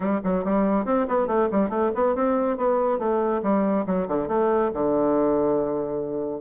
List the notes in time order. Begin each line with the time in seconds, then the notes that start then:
0.00 G3
0.24 F#3
0.44 G3
0.85 C4
1.08 B3
1.27 A3
1.51 G3
1.69 A3
1.94 B3
2.15 C4
2.57 B3
2.98 A3
3.42 G3
3.86 F#3
4.08 D3
4.28 A3
4.73 D3